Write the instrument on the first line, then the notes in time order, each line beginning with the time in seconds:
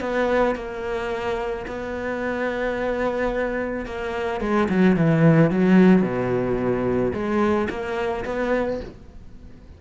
cello
0.00 B3
0.55 A#3
1.67 B3
3.86 A#3
4.40 G#3
4.69 F#3
4.96 E3
5.50 F#3
6.02 B2
7.13 G#3
7.69 A#3
8.25 B3